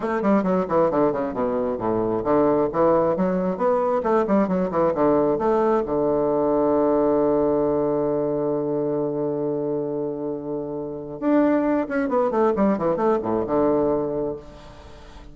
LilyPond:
\new Staff \with { instrumentName = "bassoon" } { \time 4/4 \tempo 4 = 134 a8 g8 fis8 e8 d8 cis8 b,4 | a,4 d4 e4 fis4 | b4 a8 g8 fis8 e8 d4 | a4 d2.~ |
d1~ | d1~ | d4 d'4. cis'8 b8 a8 | g8 e8 a8 a,8 d2 | }